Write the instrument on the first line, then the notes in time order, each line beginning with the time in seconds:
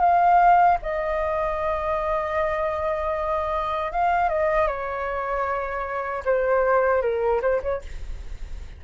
flute
0.00 F5
0.82 D#5
3.92 F5
4.29 D#5
4.68 C#5
6.25 C5
7.02 A#4
7.42 C5
7.62 C#5